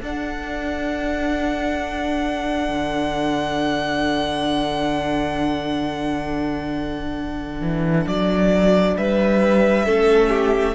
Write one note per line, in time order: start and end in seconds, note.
0.00 2.69 D4
0.00 9.85 D4
0.00 8.96 A4
0.00 8.08 F#5
2.69 7.61 D3
7.61 8.06 E3
8.07 8.97 F#3
8.07 8.97 D5
8.97 9.87 G3
8.97 9.86 B4
8.97 10.75 E5
9.85 10.75 A3
9.85 10.75 C#4
9.85 10.30 A4
10.30 10.74 G4